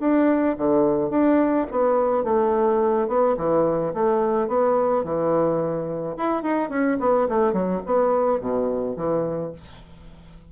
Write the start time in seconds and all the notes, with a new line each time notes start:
0.00 D4
0.58 D3
1.10 D4
1.71 B3
2.24 A3
3.08 B3
3.37 E3
3.94 A3
4.48 B3
5.04 E3
6.17 E4
6.43 D#4
6.70 C#4
7.00 B3
7.29 A3
7.53 F#3
7.86 B3
8.41 B2
8.96 E3